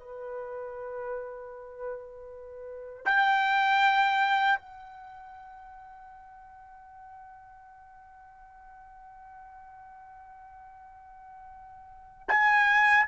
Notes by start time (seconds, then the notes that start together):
0.00 B4
3.06 G5
4.59 F#5
12.29 G#5